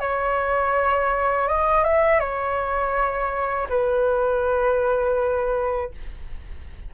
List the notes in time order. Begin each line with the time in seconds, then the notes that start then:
0.00 C#5
1.48 D#5
1.84 E5
2.20 C#5
3.69 B4